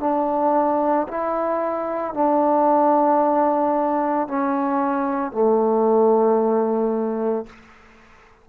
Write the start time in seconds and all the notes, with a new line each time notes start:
0.00 D4
1.08 E4
2.14 D4
4.28 C#4
5.32 A3